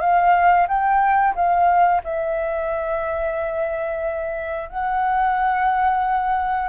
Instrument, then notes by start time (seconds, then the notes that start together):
flute
0.00 F5
0.68 G5
1.35 F5
2.04 E5
4.69 F#5